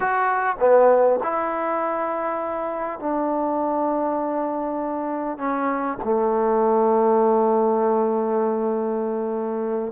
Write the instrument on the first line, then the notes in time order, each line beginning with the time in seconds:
trombone
0.00 F#4
0.59 B3
1.23 E4
2.99 D4
5.38 C#4
6.04 A3